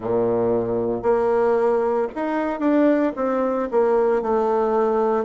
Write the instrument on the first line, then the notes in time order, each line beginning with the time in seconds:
bassoon
0.00 A#2
1.02 A#3
2.15 D#4
2.59 D4
3.16 C4
3.71 A#3
4.22 A3